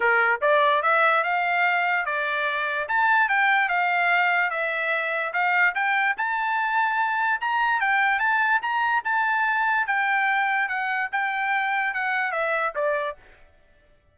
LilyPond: \new Staff \with { instrumentName = "trumpet" } { \time 4/4 \tempo 4 = 146 ais'4 d''4 e''4 f''4~ | f''4 d''2 a''4 | g''4 f''2 e''4~ | e''4 f''4 g''4 a''4~ |
a''2 ais''4 g''4 | a''4 ais''4 a''2 | g''2 fis''4 g''4~ | g''4 fis''4 e''4 d''4 | }